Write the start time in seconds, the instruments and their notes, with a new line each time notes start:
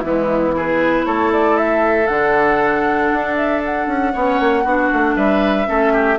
0.00 bassoon E3, clarinet G#3, oboe B3, flute E4
0.50 clarinet E4
0.57 oboe G#4, flute B4
1.05 bassoon A3, oboe A4, flute C#5
1.32 flute D5
1.57 flute E5
2.07 bassoon D3, clarinet D4, flute F#5
3.13 bassoon D4
3.36 flute E5
3.65 flute F#5
3.87 bassoon C#4
4.13 bassoon B3, clarinet C#4, oboe C#5
4.40 bassoon A#3
4.63 bassoon B3, clarinet D4, oboe F#4
4.93 bassoon A3
5.16 bassoon G3, oboe B4, flute E5
5.66 bassoon A3, clarinet C#4, oboe A4
5.93 oboe G4